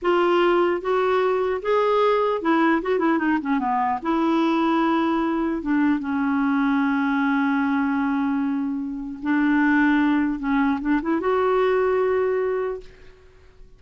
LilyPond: \new Staff \with { instrumentName = "clarinet" } { \time 4/4 \tempo 4 = 150 f'2 fis'2 | gis'2 e'4 fis'8 e'8 | dis'8 cis'8 b4 e'2~ | e'2 d'4 cis'4~ |
cis'1~ | cis'2. d'4~ | d'2 cis'4 d'8 e'8 | fis'1 | }